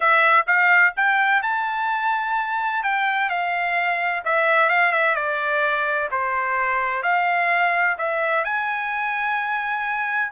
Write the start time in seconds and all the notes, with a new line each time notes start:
0.00 E5
0.46 F5
0.96 G5
1.42 A5
2.83 G5
3.29 F5
4.24 E5
4.69 F5
4.92 E5
5.15 D5
6.11 C5
7.02 F5
7.98 E5
8.44 G#5